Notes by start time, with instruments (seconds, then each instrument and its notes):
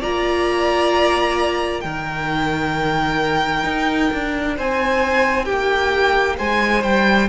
0.00 cello A#3, viola F4, violin D5 A#5
1.81 cello D#3, viola D#4, violin A#4 G5
3.64 cello D#4
4.13 cello D4
4.56 cello C4, violin C5 G#5
5.45 cello A#3, violin G4 G5
6.37 cello G#3, violin C5 G#5
6.83 cello G3, violin G5